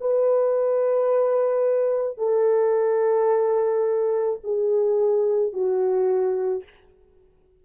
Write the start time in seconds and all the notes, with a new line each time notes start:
0.00 B4
2.17 A4
4.43 G#4
5.53 F#4